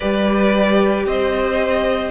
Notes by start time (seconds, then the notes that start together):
0.00 G3 G4 B4 D5
1.05 C4 C5 D#5